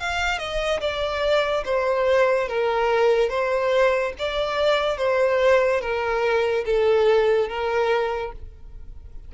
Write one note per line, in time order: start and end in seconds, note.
0.00 0.39 F5
0.39 0.80 D#5
0.81 1.64 D5
1.65 2.48 C5
2.48 3.30 A#4
3.30 4.13 C5
4.19 4.98 D5
4.98 5.81 C5
5.81 6.65 A#4
6.66 7.49 A4
7.49 8.32 A#4